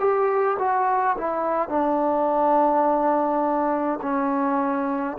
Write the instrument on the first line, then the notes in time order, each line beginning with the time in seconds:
trombone
0.00 G4
0.59 F#4
1.17 E4
1.69 D4
4.02 C#4